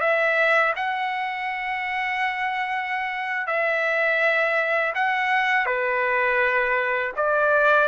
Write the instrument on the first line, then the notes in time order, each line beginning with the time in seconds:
trumpet
0.00 E5
0.75 F#5
3.46 E5
4.94 F#5
5.66 B4
7.16 D5